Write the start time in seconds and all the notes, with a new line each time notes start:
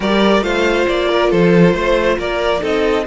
0.00 G3 G4 A#4 D5
0.41 A3 F4 C5 F5
0.88 A#3 D5
1.08 A#4
1.30 F3 A4 C5
1.73 A3 C5
2.18 A#3 A#4 D5
2.59 C4 D#4 A4 D#5